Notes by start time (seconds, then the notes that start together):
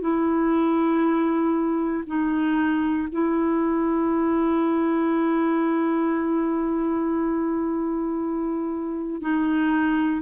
0.00 E4
2.06 D#4
3.12 E4
9.21 D#4